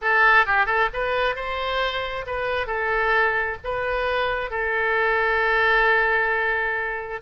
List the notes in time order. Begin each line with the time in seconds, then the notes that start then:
0.01 A4
0.46 G4
0.66 A4
0.93 B4
1.35 C5
2.26 B4
2.67 A4
3.64 B4
4.50 A4